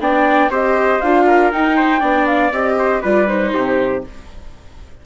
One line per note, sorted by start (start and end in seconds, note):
0.00 0.50 B3
0.00 0.51 D4
0.00 0.51 D5
0.00 0.52 G5
0.50 1.01 C4
0.50 1.01 G4
0.50 1.26 C5
0.50 1.01 D#5
1.01 1.53 D4
1.01 1.52 F4
1.01 1.51 F5
1.27 1.77 A#4
1.52 2.01 D#4
1.52 2.02 D#4
1.52 2.27 G5
1.77 2.00 C5
2.00 2.52 B3
2.00 2.51 D4
2.00 2.76 D5
2.27 2.52 F5
2.52 3.02 C4
2.52 3.03 G4
2.52 3.03 D#5
2.79 3.02 C5
3.02 3.55 G3
3.02 3.28 F4
3.02 3.52 B4
3.02 3.28 D5
3.28 4.04 D#4
3.28 4.04 C5
3.54 4.06 C3
3.54 4.05 G4